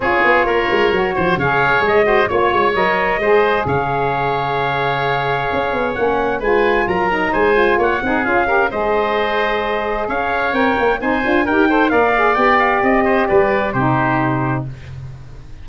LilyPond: <<
  \new Staff \with { instrumentName = "trumpet" } { \time 4/4 \tempo 4 = 131 cis''2. f''4 | dis''4 cis''4 dis''2 | f''1~ | f''4 fis''4 gis''4 ais''4 |
gis''4 fis''4 f''4 dis''4~ | dis''2 f''4 g''4 | gis''4 g''4 f''4 g''8 f''8 | dis''4 d''4 c''2 | }
  \new Staff \with { instrumentName = "oboe" } { \time 4/4 gis'4 ais'4. c''8 cis''4~ | cis''8 c''8 cis''2 c''4 | cis''1~ | cis''2 b'4 ais'4 |
c''4 cis''8 gis'4 ais'8 c''4~ | c''2 cis''2 | c''4 ais'8 c''8 d''2~ | d''8 c''8 b'4 g'2 | }
  \new Staff \with { instrumentName = "saxophone" } { \time 4/4 f'2 fis'4 gis'4~ | gis'8 fis'8 f'4 ais'4 gis'4~ | gis'1~ | gis'4 cis'4 f'4. dis'8~ |
dis'8 f'4 dis'8 f'8 g'8 gis'4~ | gis'2. ais'4 | dis'8 f'8 g'8 a'8 ais'8 gis'8 g'4~ | g'2 dis'2 | }
  \new Staff \with { instrumentName = "tuba" } { \time 4/4 cis'8 b8 ais8 gis8 fis8 f8 cis4 | gis4 ais8 gis8 fis4 gis4 | cis1 | cis'8 b8 ais4 gis4 fis4 |
gis4 ais8 c'8 cis'4 gis4~ | gis2 cis'4 c'8 ais8 | c'8 d'8 dis'4 ais4 b4 | c'4 g4 c2 | }
>>